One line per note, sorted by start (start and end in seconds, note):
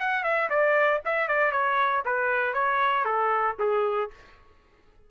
0.00 0.24 F#5
0.24 0.49 E5
0.50 1.01 D5
1.06 1.28 E5
1.28 1.52 D5
1.52 2.03 C#5
2.05 2.54 B4
2.54 3.05 C#5
3.05 3.56 A4
3.60 4.11 G#4